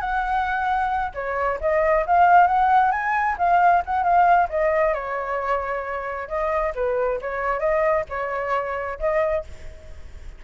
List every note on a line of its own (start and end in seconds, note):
0.00 1.12 F#5
1.14 1.59 C#5
1.60 2.05 D#5
2.06 2.47 F5
2.47 2.91 F#5
2.91 3.36 G#5
3.38 3.82 F5
3.85 4.03 F#5
4.03 4.48 F5
4.49 4.94 D#5
4.94 6.28 C#5
6.28 6.72 D#5
6.75 7.19 B4
7.21 7.59 C#5
7.59 8.04 D#5
8.09 8.99 C#5
8.99 9.44 D#5